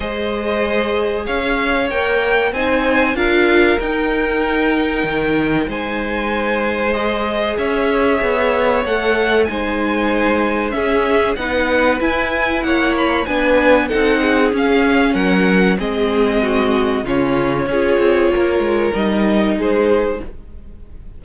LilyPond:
<<
  \new Staff \with { instrumentName = "violin" } { \time 4/4 \tempo 4 = 95 dis''2 f''4 g''4 | gis''4 f''4 g''2~ | g''4 gis''2 dis''4 | e''2 fis''4 gis''4~ |
gis''4 e''4 fis''4 gis''4 | fis''8 b''8 gis''4 fis''4 f''4 | fis''4 dis''2 cis''4~ | cis''2 dis''4 c''4 | }
  \new Staff \with { instrumentName = "violin" } { \time 4/4 c''2 cis''2 | c''4 ais'2.~ | ais'4 c''2. | cis''2. c''4~ |
c''4 gis'4 b'2 | cis''4 b'4 a'8 gis'4. | ais'4 gis'4 fis'4 f'4 | gis'4 ais'2 gis'4 | }
  \new Staff \with { instrumentName = "viola" } { \time 4/4 gis'2. ais'4 | dis'4 f'4 dis'2~ | dis'2. gis'4~ | gis'2 a'4 dis'4~ |
dis'4 cis'4 dis'4 e'4~ | e'4 d'4 dis'4 cis'4~ | cis'4 c'2 cis'4 | f'2 dis'2 | }
  \new Staff \with { instrumentName = "cello" } { \time 4/4 gis2 cis'4 ais4 | c'4 d'4 dis'2 | dis4 gis2. | cis'4 b4 a4 gis4~ |
gis4 cis'4 b4 e'4 | ais4 b4 c'4 cis'4 | fis4 gis2 cis4 | cis'8 c'8 ais8 gis8 g4 gis4 | }
>>